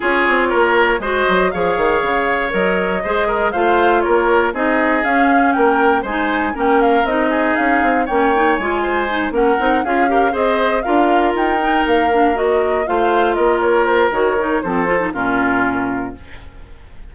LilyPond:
<<
  \new Staff \with { instrumentName = "flute" } { \time 4/4 \tempo 4 = 119 cis''2 dis''4 f''4~ | f''4 dis''2 f''4 | cis''4 dis''4 f''4 g''4 | gis''4 g''8 f''8 dis''4 f''4 |
g''4 gis''4. fis''4 f''8~ | f''8 dis''4 f''4 g''4 f''8~ | f''8 dis''4 f''4 dis''8 cis''8 c''8 | cis''4 c''4 ais'2 | }
  \new Staff \with { instrumentName = "oboe" } { \time 4/4 gis'4 ais'4 c''4 cis''4~ | cis''2 c''8 ais'8 c''4 | ais'4 gis'2 ais'4 | c''4 ais'4. gis'4. |
cis''4. c''4 ais'4 gis'8 | ais'8 c''4 ais'2~ ais'8~ | ais'4. c''4 ais'4.~ | ais'4 a'4 f'2 | }
  \new Staff \with { instrumentName = "clarinet" } { \time 4/4 f'2 fis'4 gis'4~ | gis'4 ais'4 gis'4 f'4~ | f'4 dis'4 cis'2 | dis'4 cis'4 dis'2 |
cis'8 dis'8 f'4 dis'8 cis'8 dis'8 f'8 | g'8 gis'4 f'4. dis'4 | d'8 fis'4 f'2~ f'8 | fis'8 dis'8 c'8 f'16 dis'16 cis'2 | }
  \new Staff \with { instrumentName = "bassoon" } { \time 4/4 cis'8 c'8 ais4 gis8 fis8 f8 dis8 | cis4 fis4 gis4 a4 | ais4 c'4 cis'4 ais4 | gis4 ais4 c'4 cis'8 c'8 |
ais4 gis4. ais8 c'8 cis'8~ | cis'8 c'4 d'4 dis'4 ais8~ | ais4. a4 ais4. | dis4 f4 ais,2 | }
>>